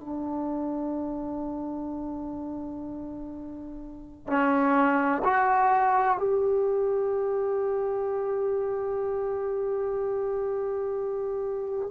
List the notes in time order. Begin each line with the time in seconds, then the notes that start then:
0.00 D4
4.27 C#4
5.24 F#4
6.18 G4